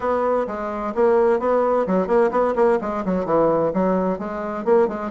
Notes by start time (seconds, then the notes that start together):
0.00 B3
0.47 G#3
0.95 A#3
1.39 B3
1.86 F#3
2.07 A#3
2.31 B3
2.55 A#3
2.81 G#3
3.05 F#3
3.25 E3
3.73 F#3
4.18 G#3
4.64 A#3
4.87 G#3